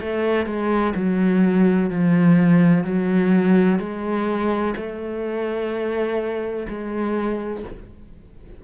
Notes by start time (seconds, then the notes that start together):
0.00 A3
0.46 G#3
0.95 F#3
1.90 F3
2.84 F#3
3.79 G#3
4.76 A3
6.68 G#3